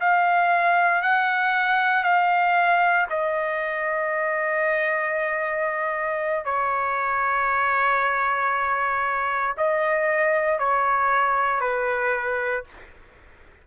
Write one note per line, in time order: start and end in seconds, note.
0.00 1.02 F5
1.02 2.03 F#5
2.03 3.06 F5
3.09 6.45 D#5
6.45 9.55 C#5
9.57 10.58 D#5
10.58 11.60 C#5
11.60 12.63 B4